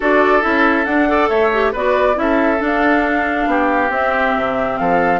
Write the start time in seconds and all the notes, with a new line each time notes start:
0.00 D4 F#4 A4 D5
0.41 C#4 E4 E5
0.84 D4 F#5
1.07 A4 D5
1.28 A3 C#5 E5
1.52 G4
1.72 B3 F#4 B4 D5
2.14 C#4 E4 E5
2.21 A4
2.58 D4
2.64 F5
3.46 B3 G4
3.89 C4 E5
4.36 C3
4.77 F3 A4 F5